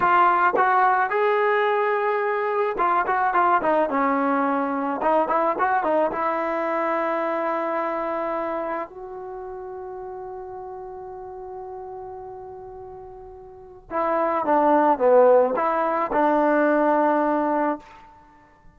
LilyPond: \new Staff \with { instrumentName = "trombone" } { \time 4/4 \tempo 4 = 108 f'4 fis'4 gis'2~ | gis'4 f'8 fis'8 f'8 dis'8 cis'4~ | cis'4 dis'8 e'8 fis'8 dis'8 e'4~ | e'1 |
fis'1~ | fis'1~ | fis'4 e'4 d'4 b4 | e'4 d'2. | }